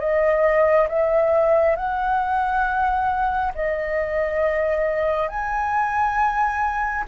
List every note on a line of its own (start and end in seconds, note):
0.00 0.88 D#5
0.89 1.76 E5
1.76 3.53 F#5
3.55 5.29 D#5
5.29 7.05 G#5